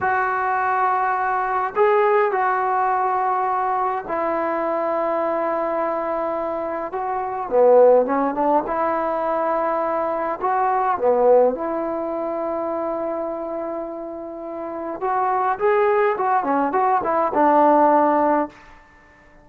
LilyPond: \new Staff \with { instrumentName = "trombone" } { \time 4/4 \tempo 4 = 104 fis'2. gis'4 | fis'2. e'4~ | e'1 | fis'4 b4 cis'8 d'8 e'4~ |
e'2 fis'4 b4 | e'1~ | e'2 fis'4 gis'4 | fis'8 cis'8 fis'8 e'8 d'2 | }